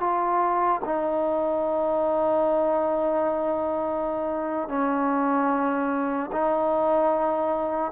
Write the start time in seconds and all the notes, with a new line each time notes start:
0.00 F4
0.85 D#4
4.68 C#4
6.32 D#4